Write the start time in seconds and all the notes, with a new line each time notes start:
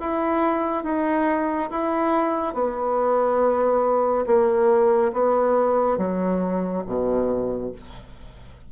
0.00 E4
0.83 D#4
1.70 E4
2.54 B3
4.26 A#3
5.12 B3
5.97 F#3
6.86 B2